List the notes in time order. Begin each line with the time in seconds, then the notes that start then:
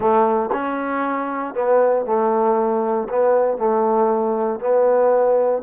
0.00 A3
0.52 C#4
1.54 B3
2.05 A3
3.09 B3
3.57 A3
4.60 B3